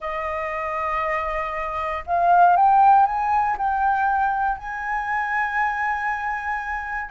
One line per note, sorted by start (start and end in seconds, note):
0.00 2.04 D#5
2.06 2.56 F5
2.56 3.06 G5
3.06 3.56 G#5
3.57 4.57 G5
4.57 7.10 G#5